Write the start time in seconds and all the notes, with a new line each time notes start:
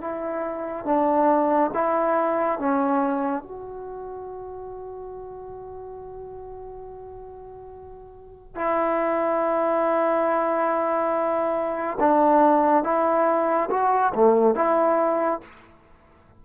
0.00 E4
0.85 D4
1.74 E4
2.58 C#4
3.42 F#4
8.55 E4
11.99 D4
12.83 E4
13.69 F#4
14.14 A3
14.55 E4